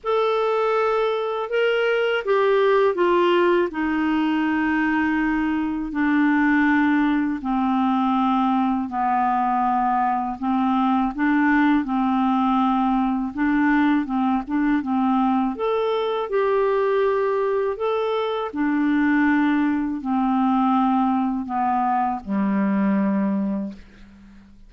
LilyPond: \new Staff \with { instrumentName = "clarinet" } { \time 4/4 \tempo 4 = 81 a'2 ais'4 g'4 | f'4 dis'2. | d'2 c'2 | b2 c'4 d'4 |
c'2 d'4 c'8 d'8 | c'4 a'4 g'2 | a'4 d'2 c'4~ | c'4 b4 g2 | }